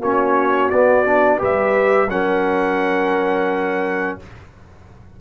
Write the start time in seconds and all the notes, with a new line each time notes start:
0.00 A#3 C#4 F#4 C#5
0.70 B3 D5
1.06 D4
1.38 G3 G4 B4 E5
2.09 F#3 C#4 A#4 F#5